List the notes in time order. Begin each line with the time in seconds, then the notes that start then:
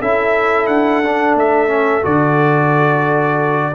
0.00 C#4 E4 A4 E5
0.67 D4 F#5
1.04 D4
1.35 A3 E5
1.68 C#4
2.02 D3 F#4 D5